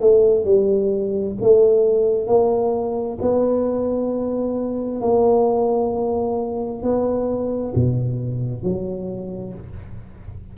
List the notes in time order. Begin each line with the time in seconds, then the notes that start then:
0.00 A3
0.45 G3
1.41 A3
2.27 A#3
3.21 B3
5.01 A#3
6.83 B3
7.75 B2
8.63 F#3